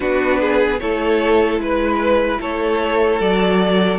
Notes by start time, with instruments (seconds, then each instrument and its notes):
0.00 cello B3, viola D4, violin F#4 B4
0.40 violin G#4
0.79 cello A3, viola E4, violin A4 C#5
1.58 cello G#3, violin B4
2.40 cello A3, violin A4 C#5
3.20 cello F#3, viola F#4, violin D5